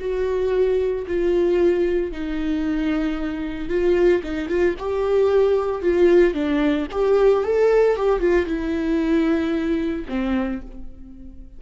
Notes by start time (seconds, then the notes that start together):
0.00 F#4
1.07 F4
2.12 D#4
3.69 F4
4.24 D#4
4.49 F4
4.79 G4
5.82 F4
6.34 D4
6.92 G4
7.45 A4
7.96 G4
8.20 F4
8.46 E4
10.09 C4